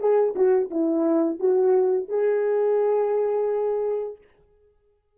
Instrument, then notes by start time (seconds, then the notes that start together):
horn
0.00 G#4
0.36 F#4
0.71 E4
1.40 F#4
2.09 G#4